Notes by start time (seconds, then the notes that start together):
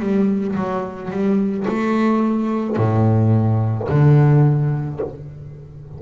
0.00 G3
0.56 F#3
1.11 G3
1.68 A3
2.77 A2
3.89 D3